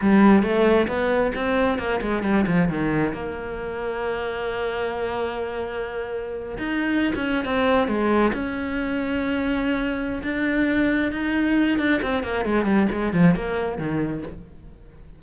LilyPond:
\new Staff \with { instrumentName = "cello" } { \time 4/4 \tempo 4 = 135 g4 a4 b4 c'4 | ais8 gis8 g8 f8 dis4 ais4~ | ais1~ | ais2~ ais8. dis'4~ dis'16 |
cis'8. c'4 gis4 cis'4~ cis'16~ | cis'2. d'4~ | d'4 dis'4. d'8 c'8 ais8 | gis8 g8 gis8 f8 ais4 dis4 | }